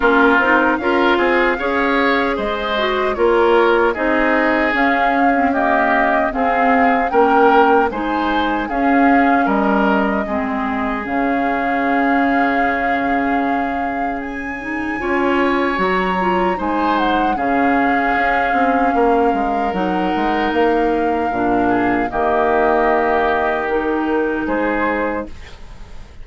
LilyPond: <<
  \new Staff \with { instrumentName = "flute" } { \time 4/4 \tempo 4 = 76 ais'4 f''2 dis''4 | cis''4 dis''4 f''4 dis''4 | f''4 g''4 gis''4 f''4 | dis''2 f''2~ |
f''2 gis''2 | ais''4 gis''8 fis''8 f''2~ | f''4 fis''4 f''2 | dis''2 ais'4 c''4 | }
  \new Staff \with { instrumentName = "oboe" } { \time 4/4 f'4 ais'8 gis'8 cis''4 c''4 | ais'4 gis'2 g'4 | gis'4 ais'4 c''4 gis'4 | ais'4 gis'2.~ |
gis'2. cis''4~ | cis''4 c''4 gis'2 | ais'2.~ ais'8 gis'8 | g'2. gis'4 | }
  \new Staff \with { instrumentName = "clarinet" } { \time 4/4 cis'8 dis'8 f'4 gis'4. fis'8 | f'4 dis'4 cis'8. c'16 ais4 | c'4 cis'4 dis'4 cis'4~ | cis'4 c'4 cis'2~ |
cis'2~ cis'8 dis'8 f'4 | fis'8 f'8 dis'4 cis'2~ | cis'4 dis'2 d'4 | ais2 dis'2 | }
  \new Staff \with { instrumentName = "bassoon" } { \time 4/4 ais8 c'8 cis'8 c'8 cis'4 gis4 | ais4 c'4 cis'2 | c'4 ais4 gis4 cis'4 | g4 gis4 cis2~ |
cis2. cis'4 | fis4 gis4 cis4 cis'8 c'8 | ais8 gis8 fis8 gis8 ais4 ais,4 | dis2. gis4 | }
>>